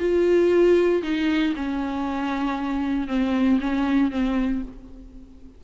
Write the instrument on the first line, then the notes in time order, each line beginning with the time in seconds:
viola
0.00 F4
1.03 D#4
1.57 C#4
3.08 C4
3.61 C#4
4.11 C4